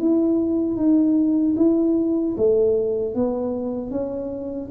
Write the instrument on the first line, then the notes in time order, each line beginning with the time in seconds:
tuba
0.00 E4
0.76 D#4
1.57 E4
2.38 A3
3.15 B3
3.91 C#4